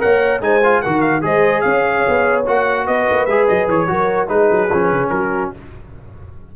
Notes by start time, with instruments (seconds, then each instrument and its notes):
0.00 tuba A#3, trombone A#4, horn C#5, trumpet F#5
0.41 tuba G#3, trombone D#4, horn C5, trumpet G#5
0.64 trombone F4
0.82 tuba D#3, trombone F#4, horn A#4, trumpet F#5
1.01 trumpet F5
1.22 tuba G#3, trombone G#4, horn C5, trumpet D#5
1.61 tuba C#4, horn C#5, trumpet F5
2.08 tuba B3
2.47 tuba A#3, trombone F#4, trumpet F#5
2.86 tuba B3, horn B4, trumpet D#5
3.10 tuba A#3
3.26 tuba G#3, trombone G#4, trumpet E5
3.48 tuba F#3, trumpet D#5
3.68 tuba E3, trumpet C#5
3.88 tuba F#3, trombone F#4, horn A#4
4.28 tuba G#3, trombone D#4, horn G#4, trumpet B4
4.51 tuba F#3
4.72 tuba F3, trombone C#4
4.92 tuba C#3
5.10 tuba F#3, horn F#4, trumpet A#4